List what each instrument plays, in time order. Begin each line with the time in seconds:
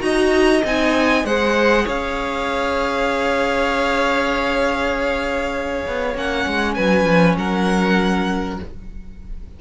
0.00 cello D#4, viola F#4, violin D#5 A#5
0.65 cello C4, viola D#4, violin G#5
1.25 cello G#3, viola G#4, violin C5 F#5
1.85 cello C#4, violin C#5 F5
5.87 cello B3
6.15 cello A#3, viola C#4, violin F#5
6.47 cello G#3
6.74 cello F#3, violin B4 G#5
7.06 cello F3
7.37 cello F#3, violin A#4 F#5